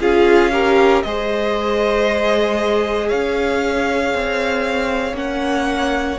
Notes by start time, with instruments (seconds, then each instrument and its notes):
0.00 cello C#4, viola F4, violin G#4 F5
0.52 viola G4, violin A#4
1.03 cello G#3, viola G#4, violin C5 D#5
3.09 cello C#4, violin C#5 F5
4.14 cello C4
5.14 cello A#3, viola C#4, violin F#5